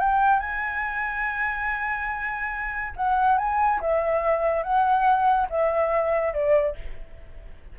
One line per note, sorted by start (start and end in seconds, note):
0.00 0.40 G5
0.40 2.94 G#5
2.97 3.38 F#5
3.38 3.80 G#5
3.81 4.63 E5
4.63 5.48 F#5
5.50 6.34 E5
6.34 6.76 D5